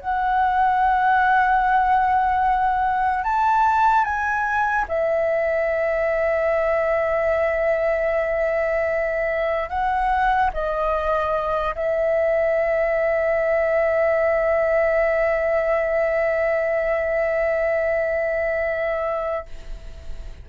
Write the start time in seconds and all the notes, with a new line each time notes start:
0.00 F#5
3.24 A5
4.04 G#5
4.88 E5
9.69 F#5
10.53 D#5
11.75 E5